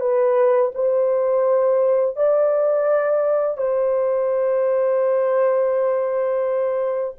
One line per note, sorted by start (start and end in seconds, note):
0.00 0.71 B4
0.75 2.16 C5
2.16 3.57 D5
3.57 7.14 C5